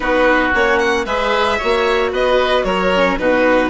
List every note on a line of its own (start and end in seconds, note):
0.00 0.53 B3
0.00 0.53 D#4
0.00 1.06 F#4
0.00 0.52 B4
0.53 1.05 A#3
0.53 1.06 C#4
0.53 0.78 C#5
0.78 1.05 F#5
1.05 1.58 G#3
1.05 1.60 G#4
1.05 1.58 B4
1.05 2.11 E5
1.58 2.12 A#3
1.58 2.94 F#4
1.58 2.11 C#5
2.12 2.64 B3
2.12 2.65 B4
2.12 2.64 D#5
2.64 3.17 F#3
2.64 3.19 A#4
2.64 3.17 C#5
2.94 3.19 C#4
3.18 3.69 B2
3.18 3.69 D#4
3.18 3.69 F#4
3.18 3.69 B4